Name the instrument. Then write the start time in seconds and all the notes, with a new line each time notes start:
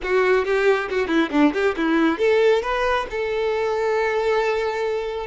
violin
0.02 F#4
0.45 G4
0.90 F#4
1.07 E4
1.31 D4
1.53 G4
1.76 E4
2.18 A4
2.62 B4
3.10 A4